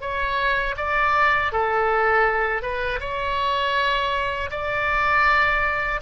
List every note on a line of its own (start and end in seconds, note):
0.00 0.75 C#5
0.77 1.52 D5
1.52 2.61 A4
2.61 2.99 B4
3.00 4.50 C#5
4.50 6.00 D5